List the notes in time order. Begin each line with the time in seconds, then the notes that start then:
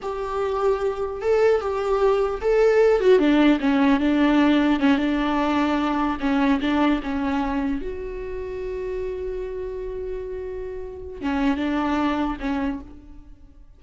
0.01 G4
1.21 A4
1.60 G4
2.41 A4
3.00 F#4
3.19 D4
3.60 C#4
4.00 D4
4.79 C#4
4.97 D4
6.20 C#4
6.60 D4
7.02 C#4
7.81 F#4
11.21 C#4
11.56 D4
12.39 C#4